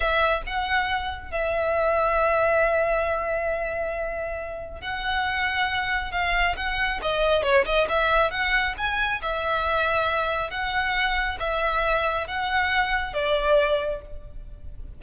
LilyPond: \new Staff \with { instrumentName = "violin" } { \time 4/4 \tempo 4 = 137 e''4 fis''2 e''4~ | e''1~ | e''2. fis''4~ | fis''2 f''4 fis''4 |
dis''4 cis''8 dis''8 e''4 fis''4 | gis''4 e''2. | fis''2 e''2 | fis''2 d''2 | }